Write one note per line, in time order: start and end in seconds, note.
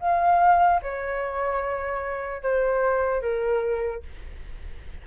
0.00 0.81 F5
0.83 2.43 C#5
2.43 3.22 C5
3.22 4.03 A#4